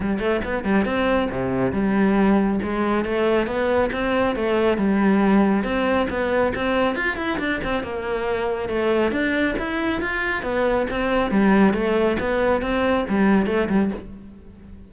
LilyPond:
\new Staff \with { instrumentName = "cello" } { \time 4/4 \tempo 4 = 138 g8 a8 b8 g8 c'4 c4 | g2 gis4 a4 | b4 c'4 a4 g4~ | g4 c'4 b4 c'4 |
f'8 e'8 d'8 c'8 ais2 | a4 d'4 e'4 f'4 | b4 c'4 g4 a4 | b4 c'4 g4 a8 g8 | }